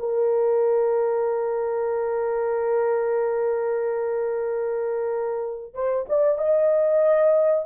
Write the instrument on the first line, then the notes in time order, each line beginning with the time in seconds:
horn
0.00 A#4
5.74 C5
6.09 D5
6.39 D#5